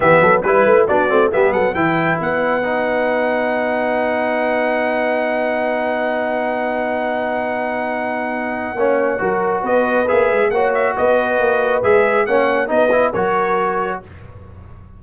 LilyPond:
<<
  \new Staff \with { instrumentName = "trumpet" } { \time 4/4 \tempo 4 = 137 e''4 b'4 d''4 e''8 fis''8 | g''4 fis''2.~ | fis''1~ | fis''1~ |
fis''1~ | fis''2 dis''4 e''4 | fis''8 e''8 dis''2 e''4 | fis''4 dis''4 cis''2 | }
  \new Staff \with { instrumentName = "horn" } { \time 4/4 g'8 a'8 b'4 fis'4 g'8 a'8 | b'1~ | b'1~ | b'1~ |
b'1 | cis''4 ais'4 b'2 | cis''4 b'2. | cis''4 b'4 ais'2 | }
  \new Staff \with { instrumentName = "trombone" } { \time 4/4 b4 e'4 d'8 c'8 b4 | e'2 dis'2~ | dis'1~ | dis'1~ |
dis'1 | cis'4 fis'2 gis'4 | fis'2. gis'4 | cis'4 dis'8 e'8 fis'2 | }
  \new Staff \with { instrumentName = "tuba" } { \time 4/4 e8 fis8 g8 a8 b8 a8 g8 fis8 | e4 b2.~ | b1~ | b1~ |
b1 | ais4 fis4 b4 ais8 gis8 | ais4 b4 ais4 gis4 | ais4 b4 fis2 | }
>>